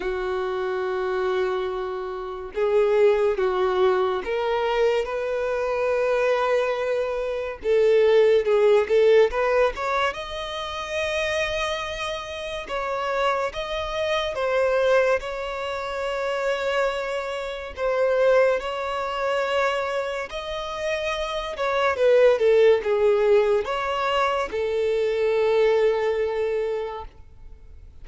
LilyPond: \new Staff \with { instrumentName = "violin" } { \time 4/4 \tempo 4 = 71 fis'2. gis'4 | fis'4 ais'4 b'2~ | b'4 a'4 gis'8 a'8 b'8 cis''8 | dis''2. cis''4 |
dis''4 c''4 cis''2~ | cis''4 c''4 cis''2 | dis''4. cis''8 b'8 a'8 gis'4 | cis''4 a'2. | }